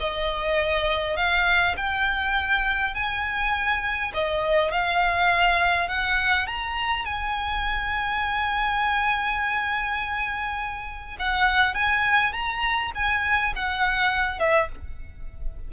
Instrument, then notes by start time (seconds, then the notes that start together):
violin
0.00 D#5
1.16 F5
1.77 G5
2.94 G#5
4.14 D#5
4.71 F5
5.88 F#5
6.47 A#5
7.05 G#5
11.19 F#5
11.74 G#5
12.32 A#5
12.95 G#5
13.56 F#5
14.39 E5